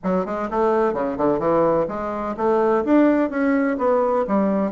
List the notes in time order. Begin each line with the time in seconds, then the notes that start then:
0.03 F#3
0.25 G#3
0.50 A3
0.93 C#3
1.17 D3
1.39 E3
1.88 G#3
2.36 A3
2.84 D4
3.30 C#4
3.78 B3
4.27 G3